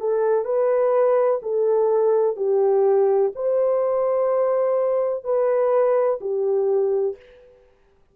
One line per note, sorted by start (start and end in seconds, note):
0.00 0.45 A4
0.45 1.40 B4
1.43 2.36 A4
2.36 3.32 G4
3.35 5.24 C5
5.24 6.19 B4
6.21 7.16 G4